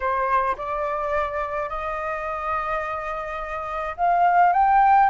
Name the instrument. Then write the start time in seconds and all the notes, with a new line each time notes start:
flute
0.00 C5
0.57 D5
1.69 D#5
3.96 F5
4.53 G5